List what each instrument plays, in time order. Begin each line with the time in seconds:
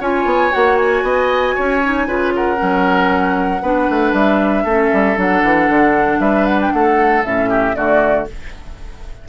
0.00 bassoon C#4, clarinet F4, oboe C#5, flute G#5
0.25 bassoon B3
0.51 bassoon A#3, clarinet F#4, flute F#5
0.77 flute G#5
1.03 bassoon B3, oboe D#5
1.55 bassoon C#4, oboe C#5
1.84 clarinet D#4
2.07 bassoon C#3, clarinet F4, oboe B4
2.35 oboe A#4, flute F#5
2.57 bassoon F#3, clarinet C#4
3.62 bassoon B3, clarinet D4, oboe B4
3.90 bassoon A3
4.13 bassoon G3, flute E5
4.64 bassoon A3, clarinet C#4, oboe A4
4.93 bassoon G3
5.16 bassoon F#3, clarinet D4, flute F#5
5.43 bassoon E3
5.69 bassoon D3
6.19 bassoon G3, oboe B4, flute E5
6.46 flute F#5
6.61 flute G5
6.72 bassoon A3, oboe A4, flute F#5
7.24 bassoon A2, clarinet C#4, flute E5
7.49 oboe G4
7.75 bassoon D3, clarinet A3, oboe F#4, flute D5